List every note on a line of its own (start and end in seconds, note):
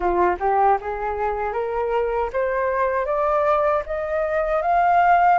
0.00 0.35 F4
0.39 0.78 G4
0.80 1.52 G#4
1.52 2.29 A#4
2.33 3.05 C5
3.05 3.82 D5
3.85 4.62 D#5
4.62 5.38 F5